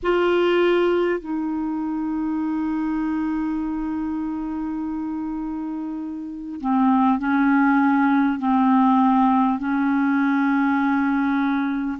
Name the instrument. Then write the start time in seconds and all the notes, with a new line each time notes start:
clarinet
0.02 F4
1.19 D#4
6.60 C4
7.18 C#4
8.38 C4
9.58 C#4